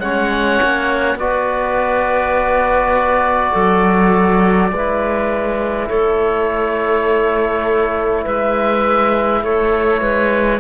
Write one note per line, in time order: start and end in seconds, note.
0.00 0.60 G#3
0.00 1.19 C#4
0.00 1.18 C#5
0.00 1.18 F#5
0.63 1.15 A#3
1.15 3.50 B3
1.15 4.72 F#4
1.15 3.52 B4
1.15 5.88 D5
3.52 4.72 F#3
3.52 4.70 A4
4.72 5.89 G#3
4.72 10.60 E4
4.72 5.89 B4
5.88 8.25 A3
5.88 8.23 A4
5.88 8.24 C#5
8.23 9.43 G#3
8.23 9.41 B4
8.23 9.44 E5
9.42 10.01 A3
9.42 10.01 A4
9.42 10.60 C#5
10.01 10.60 G#3
10.01 10.60 B4